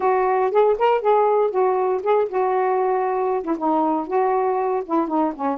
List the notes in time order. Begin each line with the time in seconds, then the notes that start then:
0.00 F#4
0.51 G#4
0.78 A#4
1.01 G#4
1.50 F#4
2.02 G#4
2.28 F#4
3.43 E4
3.57 D#4
4.07 F#4
4.85 E4
5.07 D#4
5.35 C#4